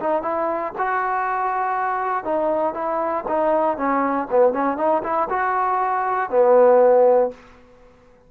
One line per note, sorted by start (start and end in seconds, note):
0.00 0.23 D#4
0.23 0.73 E4
0.78 2.25 F#4
2.25 2.74 D#4
2.74 3.25 E4
3.28 3.77 D#4
3.77 4.28 C#4
4.31 4.53 B3
4.53 4.78 C#4
4.78 5.03 D#4
5.04 5.29 E4
5.30 6.30 F#4
6.30 7.31 B3